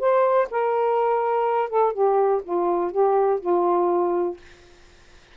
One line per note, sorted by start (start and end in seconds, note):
0.00 0.48 C5
0.51 1.70 A#4
1.70 1.94 A4
1.94 2.42 G4
2.44 2.92 F4
2.92 3.40 G4
3.41 4.37 F4